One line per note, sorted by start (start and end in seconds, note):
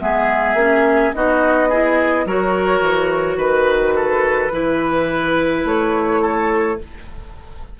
0.00 0.54 G#3
0.00 0.57 B3
0.00 1.16 G#4
0.00 1.13 E5
0.54 1.11 A#3
0.54 1.14 C#4
1.13 2.25 B3
1.13 1.71 D#4
1.13 1.69 F#4
1.13 2.27 D#5
1.69 2.28 E4
1.69 2.25 G#4
2.25 2.81 F#3
2.25 4.52 F#4
2.25 3.37 A#4
2.25 3.40 C#5
2.81 3.37 E3
3.37 4.50 D#3
3.37 3.94 B4
3.37 5.66 B4
3.96 4.52 A4
4.52 5.64 E3
4.52 6.79 E4
4.52 6.22 B4
5.64 6.78 A3
5.64 6.80 C#5
6.22 6.78 A4